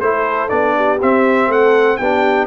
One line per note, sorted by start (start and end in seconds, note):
0.00 0.50 A3
0.00 0.49 E4
0.00 0.76 A4
0.00 0.49 C5
0.49 1.00 B3
0.49 0.98 D4
0.49 0.98 D5
0.76 1.49 G4
1.01 2.00 C4
1.01 1.47 C4
1.01 1.51 E5
1.47 1.97 A3
1.47 1.99 A4
1.47 1.96 F#5
1.96 2.47 B3
1.96 2.47 D4
1.96 2.47 G4
1.96 2.46 G5